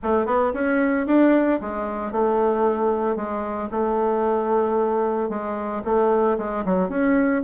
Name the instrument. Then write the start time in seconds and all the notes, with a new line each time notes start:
bassoon
0.02 A3
0.26 B3
0.53 C#4
1.06 D4
1.60 G#3
2.12 A3
3.15 G#3
3.71 A3
5.29 G#3
5.84 A3
6.37 G#3
6.65 F#3
6.89 C#4